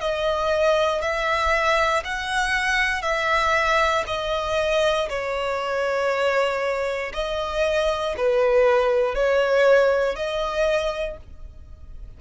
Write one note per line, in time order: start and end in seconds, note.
0.00 1.02 D#5
1.02 2.03 E5
2.04 3.02 F#5
3.02 4.04 E5
4.07 5.08 D#5
5.09 7.12 C#5
7.13 8.15 D#5
8.17 9.15 B4
9.15 10.16 C#5
10.16 11.17 D#5